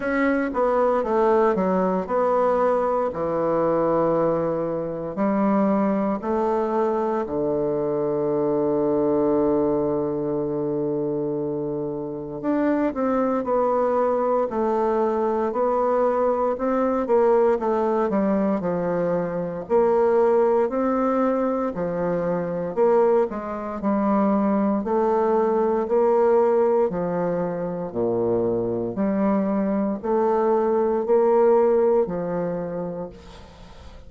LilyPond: \new Staff \with { instrumentName = "bassoon" } { \time 4/4 \tempo 4 = 58 cis'8 b8 a8 fis8 b4 e4~ | e4 g4 a4 d4~ | d1 | d'8 c'8 b4 a4 b4 |
c'8 ais8 a8 g8 f4 ais4 | c'4 f4 ais8 gis8 g4 | a4 ais4 f4 ais,4 | g4 a4 ais4 f4 | }